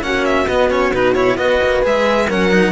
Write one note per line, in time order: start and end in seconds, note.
0.00 0.45 A#3
0.00 0.47 C#4
0.00 1.39 F#4
0.00 0.25 F#5
0.25 0.47 E5
0.47 0.70 B3
0.47 0.91 B3
0.47 0.70 D#5
0.70 0.93 C#4
0.70 0.94 C#5
0.91 1.36 B2
0.91 1.15 D#4
0.91 1.14 B4
1.14 1.37 E4
1.14 1.37 C#5
1.36 1.59 B3
1.36 1.82 F#4
1.36 2.28 B4
1.36 1.82 D#5
1.63 1.85 A#3
1.82 2.30 G#3
1.82 2.27 G#4
1.82 2.30 E5
2.28 2.71 F#3
2.28 2.51 C#4
2.28 2.71 A#4
2.28 2.71 F#5
2.51 2.71 D#4